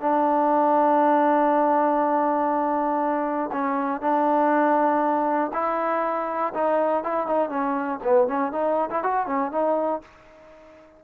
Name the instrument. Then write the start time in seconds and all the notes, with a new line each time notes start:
trombone
0.00 D4
3.52 C#4
4.01 D4
5.53 E4
6.54 D#4
7.03 E4
7.26 D#4
7.49 C#4
8.03 B3
8.27 C#4
8.52 D#4
8.90 E4
9.03 F#4
9.26 C#4
9.51 D#4